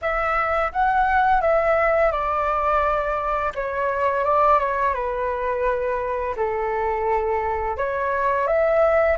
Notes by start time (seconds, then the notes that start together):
0.01 E5
0.72 F#5
1.41 E5
2.11 D5
3.55 C#5
4.24 D5
4.59 C#5
4.93 B4
6.36 A4
7.77 C#5
8.47 E5